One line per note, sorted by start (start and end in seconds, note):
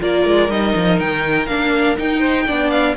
0.00 0.25 A#3
0.00 0.49 F4
0.00 2.20 A#4
0.00 0.50 D5
0.25 0.49 G#3
0.49 0.74 G3
0.49 1.48 D#4
0.49 0.99 D#5
0.76 1.00 F3
1.00 1.47 D#3
1.00 1.47 G5
1.47 1.97 A#3
1.47 1.97 D4
1.47 1.96 F5
1.97 2.47 D#4
1.97 2.49 D#4
1.97 2.70 G5
2.20 2.44 C5
2.47 2.97 B3
2.47 2.96 D4
2.47 2.96 D5
2.70 2.95 F5